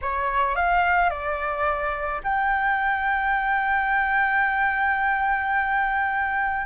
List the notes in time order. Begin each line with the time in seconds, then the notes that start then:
0.02 C#5
0.55 F5
1.10 D5
2.23 G5